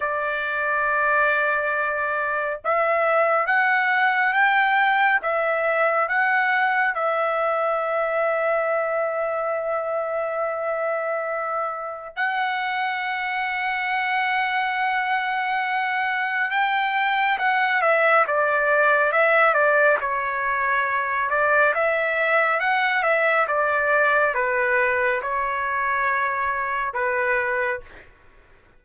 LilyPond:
\new Staff \with { instrumentName = "trumpet" } { \time 4/4 \tempo 4 = 69 d''2. e''4 | fis''4 g''4 e''4 fis''4 | e''1~ | e''2 fis''2~ |
fis''2. g''4 | fis''8 e''8 d''4 e''8 d''8 cis''4~ | cis''8 d''8 e''4 fis''8 e''8 d''4 | b'4 cis''2 b'4 | }